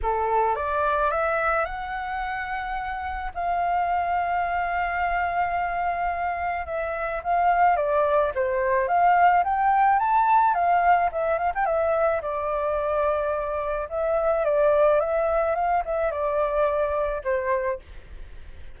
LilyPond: \new Staff \with { instrumentName = "flute" } { \time 4/4 \tempo 4 = 108 a'4 d''4 e''4 fis''4~ | fis''2 f''2~ | f''1 | e''4 f''4 d''4 c''4 |
f''4 g''4 a''4 f''4 | e''8 f''16 g''16 e''4 d''2~ | d''4 e''4 d''4 e''4 | f''8 e''8 d''2 c''4 | }